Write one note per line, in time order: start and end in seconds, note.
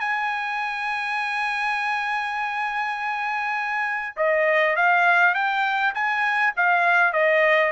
0.00 4.16 G#5
4.17 4.76 D#5
4.76 5.34 F5
5.34 5.94 G5
5.95 6.54 G#5
6.57 7.13 F5
7.13 7.72 D#5